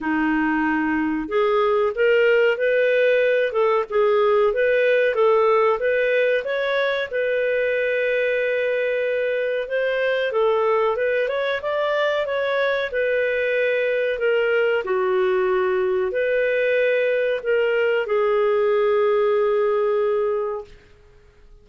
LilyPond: \new Staff \with { instrumentName = "clarinet" } { \time 4/4 \tempo 4 = 93 dis'2 gis'4 ais'4 | b'4. a'8 gis'4 b'4 | a'4 b'4 cis''4 b'4~ | b'2. c''4 |
a'4 b'8 cis''8 d''4 cis''4 | b'2 ais'4 fis'4~ | fis'4 b'2 ais'4 | gis'1 | }